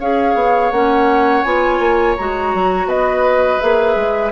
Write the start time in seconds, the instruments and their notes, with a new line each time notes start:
0.00 bassoon C#4, clarinet G#4, oboe C#5, flute F5
0.35 bassoon B3
0.72 bassoon A#3, clarinet C#4, flute F#5
1.43 bassoon B3, clarinet F4, flute G#5
1.80 bassoon A#3
2.17 bassoon G#3, clarinet F#4, flute A#5
2.55 bassoon F#3
2.86 bassoon B3, oboe B4, flute D#5
3.60 bassoon A#3, clarinet G#4, flute E5
3.96 bassoon G#3